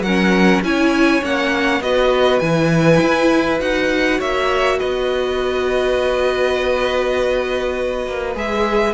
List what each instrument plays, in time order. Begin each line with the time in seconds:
0.00 cello F#3, violin A#4 F#5
0.06 viola C#4
0.62 cello C#4, viola E4, violin C#5 G#5
1.22 cello A#3, viola C#4, violin F#5
1.81 cello B3, viola F#4, violin B4 D#5
2.39 cello E3, viola E4, violin G#5
3.01 cello E4
3.59 cello D#4, viola F#4, violin F#5
4.19 cello A#3, violin C#5 E5
4.79 cello B3, violin B4 D#5
8.07 cello A#3
8.35 cello G#3, viola G#4, violin E5